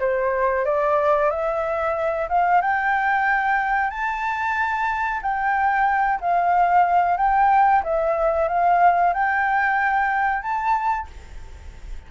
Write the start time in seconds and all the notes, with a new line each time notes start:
0.00 C5
0.65 D5
1.30 E5
2.29 F5
2.61 G5
3.90 A5
5.22 G5
6.21 F5
7.17 G5
7.83 E5
8.48 F5
9.13 G5
10.42 A5